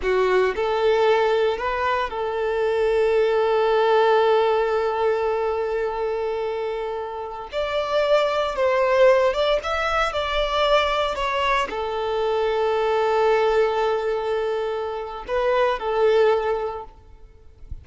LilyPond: \new Staff \with { instrumentName = "violin" } { \time 4/4 \tempo 4 = 114 fis'4 a'2 b'4 | a'1~ | a'1~ | a'2~ a'16 d''4.~ d''16~ |
d''16 c''4. d''8 e''4 d''8.~ | d''4~ d''16 cis''4 a'4.~ a'16~ | a'1~ | a'4 b'4 a'2 | }